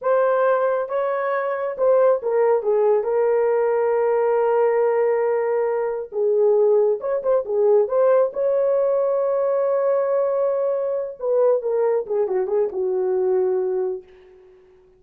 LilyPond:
\new Staff \with { instrumentName = "horn" } { \time 4/4 \tempo 4 = 137 c''2 cis''2 | c''4 ais'4 gis'4 ais'4~ | ais'1~ | ais'2 gis'2 |
cis''8 c''8 gis'4 c''4 cis''4~ | cis''1~ | cis''4. b'4 ais'4 gis'8 | fis'8 gis'8 fis'2. | }